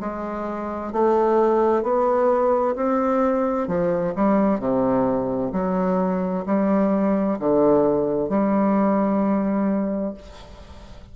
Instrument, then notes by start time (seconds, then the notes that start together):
bassoon
0.00 G#3
0.92 A3
1.83 B3
2.76 C4
3.68 F3
4.16 G3
4.59 C3
5.53 F#3
6.46 G3
7.39 D3
8.29 G3